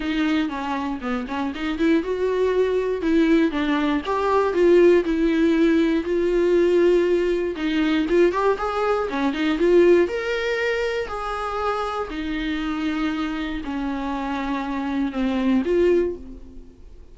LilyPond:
\new Staff \with { instrumentName = "viola" } { \time 4/4 \tempo 4 = 119 dis'4 cis'4 b8 cis'8 dis'8 e'8 | fis'2 e'4 d'4 | g'4 f'4 e'2 | f'2. dis'4 |
f'8 g'8 gis'4 cis'8 dis'8 f'4 | ais'2 gis'2 | dis'2. cis'4~ | cis'2 c'4 f'4 | }